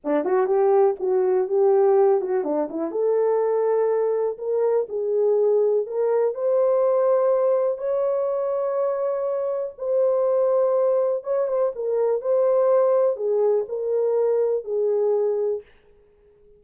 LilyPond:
\new Staff \with { instrumentName = "horn" } { \time 4/4 \tempo 4 = 123 d'8 fis'8 g'4 fis'4 g'4~ | g'8 fis'8 d'8 e'8 a'2~ | a'4 ais'4 gis'2 | ais'4 c''2. |
cis''1 | c''2. cis''8 c''8 | ais'4 c''2 gis'4 | ais'2 gis'2 | }